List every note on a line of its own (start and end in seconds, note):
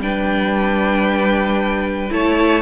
0.00 2.11 G3
0.00 2.10 D4
0.00 2.13 B4
0.00 2.13 G5
2.10 2.63 A3
2.10 2.63 E4
2.10 2.63 C#5
2.10 2.63 A5